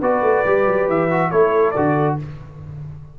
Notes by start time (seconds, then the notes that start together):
0.00 B3 F#4 B4 D5
0.22 A3
0.45 G3 G4
0.66 F#3
0.88 E3 E5
1.11 F#4
1.31 A3 E4 A4 C#5
1.71 D3 F#4 D5